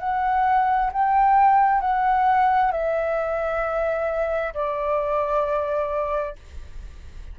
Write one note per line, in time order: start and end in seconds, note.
0.00 0.91 F#5
0.92 1.81 G5
1.81 2.71 F#5
2.72 4.54 E5
4.54 6.36 D5